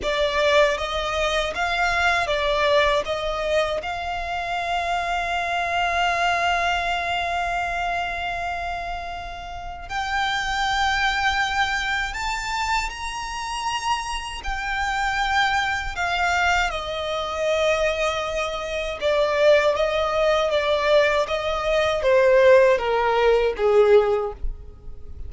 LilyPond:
\new Staff \with { instrumentName = "violin" } { \time 4/4 \tempo 4 = 79 d''4 dis''4 f''4 d''4 | dis''4 f''2.~ | f''1~ | f''4 g''2. |
a''4 ais''2 g''4~ | g''4 f''4 dis''2~ | dis''4 d''4 dis''4 d''4 | dis''4 c''4 ais'4 gis'4 | }